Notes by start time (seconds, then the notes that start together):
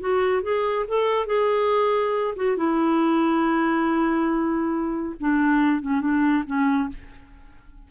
0.00 F#4
0.43 G#4
0.88 A4
1.26 G#4
2.36 F#4
2.57 E4
5.20 D4
5.82 C#4
6.01 D4
6.46 C#4